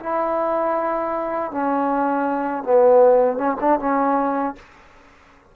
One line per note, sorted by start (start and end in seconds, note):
0.00 1.52 E4
1.52 2.64 C#4
2.64 3.38 B3
3.38 3.57 C#4
3.61 3.79 D4
3.79 4.55 C#4